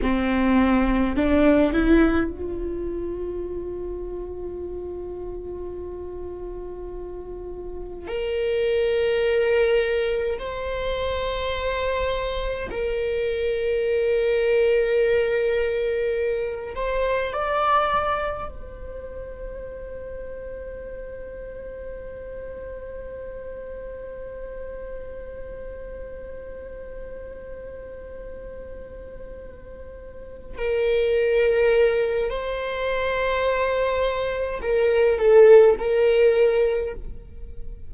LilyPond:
\new Staff \with { instrumentName = "viola" } { \time 4/4 \tempo 4 = 52 c'4 d'8 e'8 f'2~ | f'2. ais'4~ | ais'4 c''2 ais'4~ | ais'2~ ais'8 c''8 d''4 |
c''1~ | c''1~ | c''2~ c''8 ais'4. | c''2 ais'8 a'8 ais'4 | }